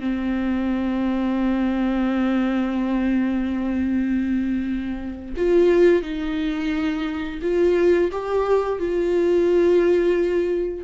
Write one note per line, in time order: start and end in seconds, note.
0.00 5.34 C4
5.37 6.02 F4
6.02 7.40 D#4
7.42 8.11 F4
8.12 8.79 G4
8.79 10.84 F4